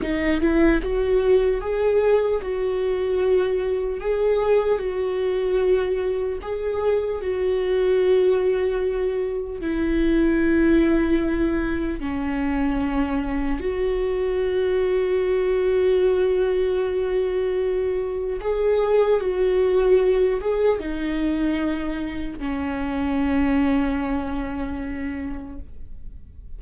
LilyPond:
\new Staff \with { instrumentName = "viola" } { \time 4/4 \tempo 4 = 75 dis'8 e'8 fis'4 gis'4 fis'4~ | fis'4 gis'4 fis'2 | gis'4 fis'2. | e'2. cis'4~ |
cis'4 fis'2.~ | fis'2. gis'4 | fis'4. gis'8 dis'2 | cis'1 | }